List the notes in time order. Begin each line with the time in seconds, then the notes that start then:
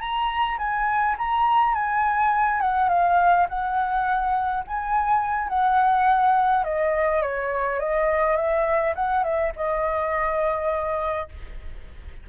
0.00 A#5
0.58 G#5
1.18 A#5
1.74 G#5
2.61 F#5
2.89 F5
3.49 F#5
4.67 G#5
5.48 F#5
6.64 D#5
7.22 C#5
7.80 D#5
8.36 E5
8.95 F#5
9.24 E5
9.56 D#5